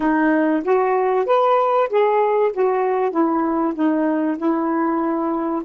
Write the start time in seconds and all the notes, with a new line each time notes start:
0.00 D#4
0.64 F#4
1.26 B4
1.89 G#4
2.52 F#4
3.11 E4
3.74 D#4
4.37 E4